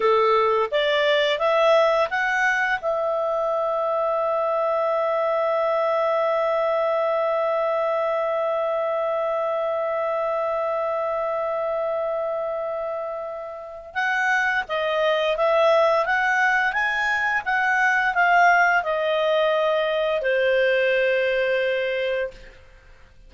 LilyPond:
\new Staff \with { instrumentName = "clarinet" } { \time 4/4 \tempo 4 = 86 a'4 d''4 e''4 fis''4 | e''1~ | e''1~ | e''1~ |
e''1 | fis''4 dis''4 e''4 fis''4 | gis''4 fis''4 f''4 dis''4~ | dis''4 c''2. | }